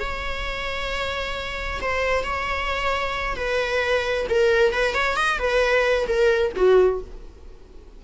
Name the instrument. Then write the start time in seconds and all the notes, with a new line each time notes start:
viola
0.00 C#5
1.81 C5
2.24 C#5
3.36 B4
4.30 A#4
4.73 B4
4.94 C#5
5.16 D#5
5.39 B4
6.07 A#4
6.56 F#4